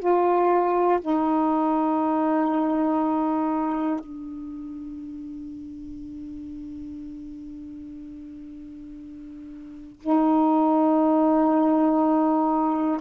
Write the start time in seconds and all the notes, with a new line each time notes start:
0.00 F4
1.02 D#4
4.00 D4
10.01 D#4